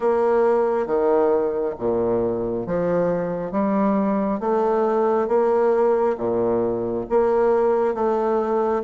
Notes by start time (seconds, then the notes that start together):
0.00 A#3
0.86 D#3
1.78 A#2
2.66 F3
3.51 G3
4.40 A3
5.28 A#3
6.17 A#2
7.09 A#3
7.94 A3